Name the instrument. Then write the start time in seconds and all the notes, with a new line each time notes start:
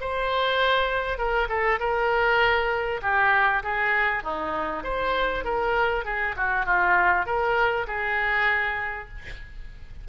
oboe
0.00 C5
1.18 A#4
1.48 A4
1.79 A#4
3.02 G4
3.63 G#4
4.23 D#4
4.83 C5
5.44 A#4
6.04 G#4
6.36 F#4
6.65 F4
7.26 A#4
7.87 G#4